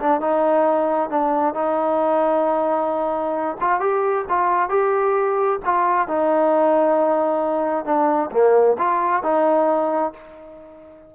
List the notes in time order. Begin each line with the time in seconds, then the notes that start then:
0.00 D4
0.21 D#4
1.10 D4
1.54 D#4
3.60 F4
3.80 G4
4.29 F4
4.69 G4
5.65 F4
6.08 D#4
7.85 D4
8.31 A#3
8.78 F4
9.23 D#4